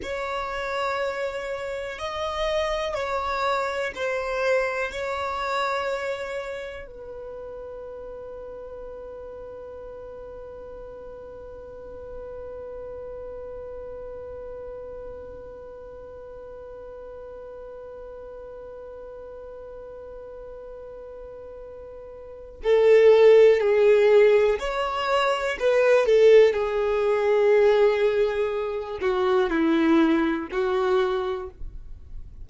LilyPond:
\new Staff \with { instrumentName = "violin" } { \time 4/4 \tempo 4 = 61 cis''2 dis''4 cis''4 | c''4 cis''2 b'4~ | b'1~ | b'1~ |
b'1~ | b'2. a'4 | gis'4 cis''4 b'8 a'8 gis'4~ | gis'4. fis'8 e'4 fis'4 | }